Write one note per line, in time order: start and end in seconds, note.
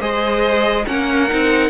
0.00 0.85 G#3
0.00 0.85 G#4
0.00 0.85 C5
0.00 0.85 D#5
0.86 1.30 A#3
0.86 1.28 C#4
0.86 1.69 A#4
0.86 1.69 F#5
1.28 1.69 C4
1.28 1.69 D#4